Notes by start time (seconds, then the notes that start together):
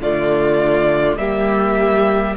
0.00 D3 A3 F4 D5
1.17 G3 A#3 G4 E5